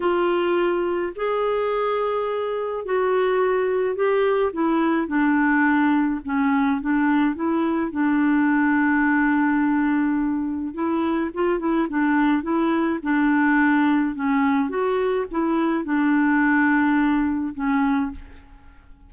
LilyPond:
\new Staff \with { instrumentName = "clarinet" } { \time 4/4 \tempo 4 = 106 f'2 gis'2~ | gis'4 fis'2 g'4 | e'4 d'2 cis'4 | d'4 e'4 d'2~ |
d'2. e'4 | f'8 e'8 d'4 e'4 d'4~ | d'4 cis'4 fis'4 e'4 | d'2. cis'4 | }